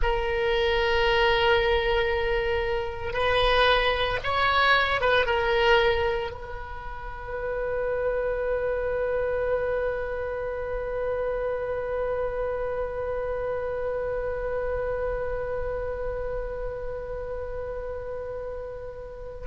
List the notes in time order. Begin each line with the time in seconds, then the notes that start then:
0.02 A#4
3.13 B4
4.23 C#5
5.00 B4
5.25 A#4
6.31 B4